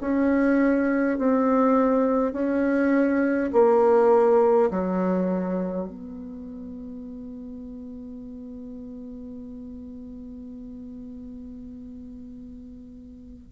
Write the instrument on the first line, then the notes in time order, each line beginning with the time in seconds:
bassoon
0.00 C#4
1.18 C4
2.32 C#4
3.52 A#3
4.70 F#3
5.88 B3